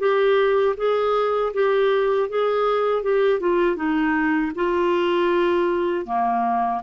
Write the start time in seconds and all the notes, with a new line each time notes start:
0.00 G4
0.77 G#4
1.54 G4
2.30 G#4
3.03 G4
3.40 F4
3.76 D#4
4.56 F4
6.06 A#3